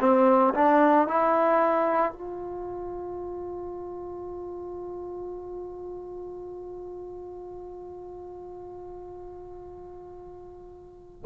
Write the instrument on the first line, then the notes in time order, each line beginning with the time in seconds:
trombone
0.00 C4
0.54 D4
1.08 E4
2.12 F4